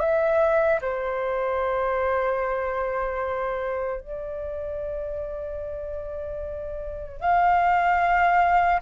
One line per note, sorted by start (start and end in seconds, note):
0.00 0.80 E5
0.82 4.01 C5
4.01 7.21 D5
7.21 8.81 F5